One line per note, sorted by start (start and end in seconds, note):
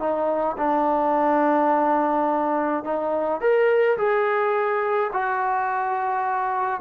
0.00 0.57 D#4
0.58 2.84 D4
2.84 3.41 D#4
3.41 3.98 A#4
3.98 5.11 G#4
5.13 6.81 F#4